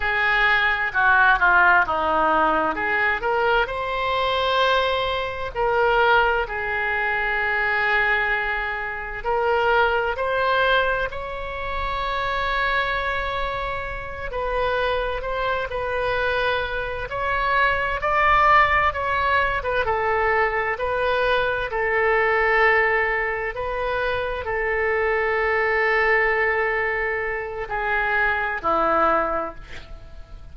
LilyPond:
\new Staff \with { instrumentName = "oboe" } { \time 4/4 \tempo 4 = 65 gis'4 fis'8 f'8 dis'4 gis'8 ais'8 | c''2 ais'4 gis'4~ | gis'2 ais'4 c''4 | cis''2.~ cis''8 b'8~ |
b'8 c''8 b'4. cis''4 d''8~ | d''8 cis''8. b'16 a'4 b'4 a'8~ | a'4. b'4 a'4.~ | a'2 gis'4 e'4 | }